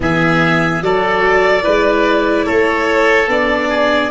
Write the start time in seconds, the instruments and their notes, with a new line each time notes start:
0.00 tuba E3, viola B3, oboe G#4, violin E5
0.81 tuba F#3, viola F#4, oboe A4, violin D5
1.62 tuba G#3, viola E4, oboe B4
2.45 tuba A3, oboe A4, violin C#5
3.27 tuba B3, viola D4, violin D5
3.68 oboe G#4